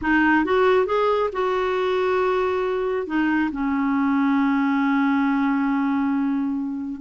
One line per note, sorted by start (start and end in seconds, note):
0.01 0.45 D#4
0.45 0.86 F#4
0.86 1.29 G#4
1.32 3.06 F#4
3.06 3.50 D#4
3.51 7.00 C#4